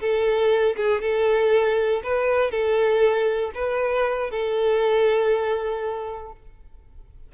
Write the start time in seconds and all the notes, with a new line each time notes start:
0.00 A4
0.76 G#4
1.01 A4
2.03 B4
2.51 A4
3.55 B4
4.30 A4